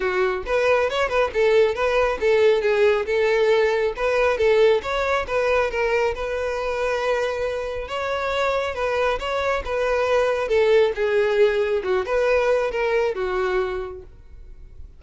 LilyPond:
\new Staff \with { instrumentName = "violin" } { \time 4/4 \tempo 4 = 137 fis'4 b'4 cis''8 b'8 a'4 | b'4 a'4 gis'4 a'4~ | a'4 b'4 a'4 cis''4 | b'4 ais'4 b'2~ |
b'2 cis''2 | b'4 cis''4 b'2 | a'4 gis'2 fis'8 b'8~ | b'4 ais'4 fis'2 | }